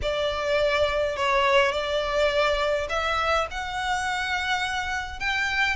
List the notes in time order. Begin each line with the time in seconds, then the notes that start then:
0.02 D5
1.16 C#5
1.72 D5
2.89 E5
3.50 F#5
5.19 G5